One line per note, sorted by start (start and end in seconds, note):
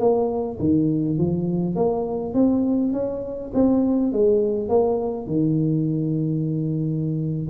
0.00 0.59 A#3
0.60 1.18 D#3
1.18 1.76 F3
1.76 2.34 A#3
2.34 2.93 C4
2.93 3.52 C#4
3.54 4.13 C4
4.13 4.69 G#3
4.69 5.27 A#3
5.27 7.48 D#3